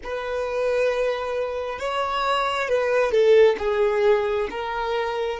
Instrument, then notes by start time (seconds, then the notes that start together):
violin
0.03 B4
1.79 C#5
2.68 B4
3.11 A4
3.58 G#4
4.50 A#4